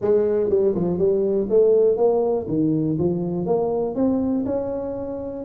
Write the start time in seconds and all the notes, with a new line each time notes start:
0.01 G#3
0.49 G3
0.74 F3
0.98 G3
1.49 A3
1.97 A#3
2.47 D#3
2.99 F3
3.46 A#3
3.95 C4
4.45 C#4